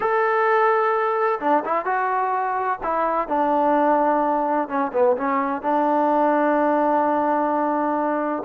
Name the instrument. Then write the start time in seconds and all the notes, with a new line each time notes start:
trombone
0.00 A4
1.40 D4
1.64 E4
1.85 F#4
2.83 E4
3.27 D4
4.68 C#4
4.93 B3
5.16 C#4
5.62 D4